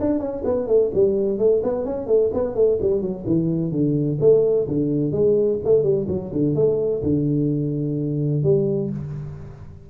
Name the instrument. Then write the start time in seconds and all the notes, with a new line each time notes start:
tuba
0.00 D4
0.19 C#4
0.44 B3
0.67 A3
0.94 G3
1.38 A3
1.63 B3
1.85 C#4
2.07 A3
2.33 B3
2.55 A3
2.81 G3
3.01 F#3
3.26 E3
3.71 D3
4.20 A3
4.67 D3
5.12 G#3
5.64 A3
5.83 G3
6.08 F#3
6.32 D3
6.55 A3
7.02 D3
8.43 G3